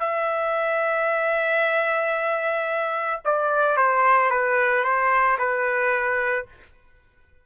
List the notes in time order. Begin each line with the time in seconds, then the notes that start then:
0.00 E5
3.25 D5
3.77 C5
4.31 B4
4.85 C5
5.39 B4